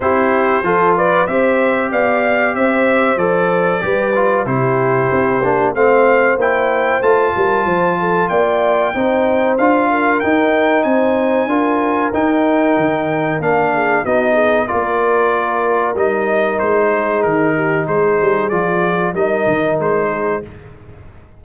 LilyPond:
<<
  \new Staff \with { instrumentName = "trumpet" } { \time 4/4 \tempo 4 = 94 c''4. d''8 e''4 f''4 | e''4 d''2 c''4~ | c''4 f''4 g''4 a''4~ | a''4 g''2 f''4 |
g''4 gis''2 g''4~ | g''4 f''4 dis''4 d''4~ | d''4 dis''4 c''4 ais'4 | c''4 d''4 dis''4 c''4 | }
  \new Staff \with { instrumentName = "horn" } { \time 4/4 g'4 a'8 b'8 c''4 d''4 | c''2 b'4 g'4~ | g'4 c''2~ c''8 ais'8 | c''8 a'8 d''4 c''4. ais'8~ |
ais'4 c''4 ais'2~ | ais'4. gis'8 fis'8 gis'8 ais'4~ | ais'2~ ais'8 gis'4 g'8 | gis'2 ais'4. gis'8 | }
  \new Staff \with { instrumentName = "trombone" } { \time 4/4 e'4 f'4 g'2~ | g'4 a'4 g'8 f'8 e'4~ | e'8 d'8 c'4 e'4 f'4~ | f'2 dis'4 f'4 |
dis'2 f'4 dis'4~ | dis'4 d'4 dis'4 f'4~ | f'4 dis'2.~ | dis'4 f'4 dis'2 | }
  \new Staff \with { instrumentName = "tuba" } { \time 4/4 c'4 f4 c'4 b4 | c'4 f4 g4 c4 | c'8 ais8 a4 ais4 a8 g8 | f4 ais4 c'4 d'4 |
dis'4 c'4 d'4 dis'4 | dis4 ais4 b4 ais4~ | ais4 g4 gis4 dis4 | gis8 g8 f4 g8 dis8 gis4 | }
>>